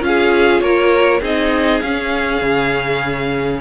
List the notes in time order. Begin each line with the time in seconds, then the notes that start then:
0.00 C#4 F4 F5
0.07 G#4
0.60 A#3 A#4 C#5
1.20 C4 D#4 G#4 D#5
1.80 C#4 F5
2.42 C#3